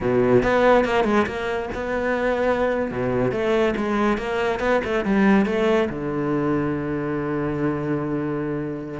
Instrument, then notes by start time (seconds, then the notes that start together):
cello
0.00 B2
0.42 B3
0.84 A#3
1.04 G#3
1.26 A#3
1.74 B3
2.91 B2
3.31 A3
3.76 G#3
4.17 A#3
4.59 B3
4.84 A3
5.04 G3
5.45 A3
5.89 D3